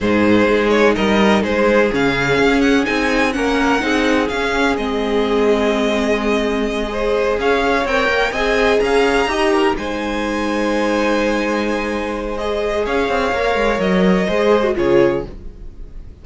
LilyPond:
<<
  \new Staff \with { instrumentName = "violin" } { \time 4/4 \tempo 4 = 126 c''4. cis''8 dis''4 c''4 | f''4. fis''8 gis''4 fis''4~ | fis''4 f''4 dis''2~ | dis''2.~ dis''8 f''8~ |
f''8 g''4 gis''4 ais''4.~ | ais''8 gis''2.~ gis''8~ | gis''2 dis''4 f''4~ | f''4 dis''2 cis''4 | }
  \new Staff \with { instrumentName = "violin" } { \time 4/4 gis'2 ais'4 gis'4~ | gis'2. ais'4 | gis'1~ | gis'2~ gis'8 c''4 cis''8~ |
cis''4. dis''4 f''4 dis''8 | ais'8 c''2.~ c''8~ | c''2. cis''4~ | cis''2 c''4 gis'4 | }
  \new Staff \with { instrumentName = "viola" } { \time 4/4 dis'1 | cis'2 dis'4 cis'4 | dis'4 cis'4 c'2~ | c'2~ c'8 gis'4.~ |
gis'8 ais'4 gis'2 g'8~ | g'8 dis'2.~ dis'8~ | dis'2 gis'2 | ais'2 gis'8. fis'16 f'4 | }
  \new Staff \with { instrumentName = "cello" } { \time 4/4 gis,4 gis4 g4 gis4 | cis4 cis'4 c'4 ais4 | c'4 cis'4 gis2~ | gis2.~ gis8 cis'8~ |
cis'8 c'8 ais8 c'4 cis'4 dis'8~ | dis'8 gis2.~ gis8~ | gis2. cis'8 c'8 | ais8 gis8 fis4 gis4 cis4 | }
>>